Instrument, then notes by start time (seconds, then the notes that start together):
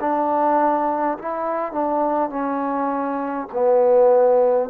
trombone
0.00 D4
1.18 E4
1.72 D4
2.29 C#4
3.52 B3